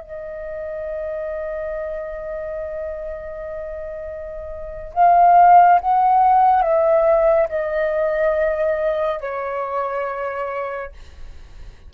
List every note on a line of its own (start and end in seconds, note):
0.00 4.93 D#5
4.93 5.79 F5
5.80 6.62 F#5
6.62 7.47 E5
7.48 9.20 D#5
9.20 10.92 C#5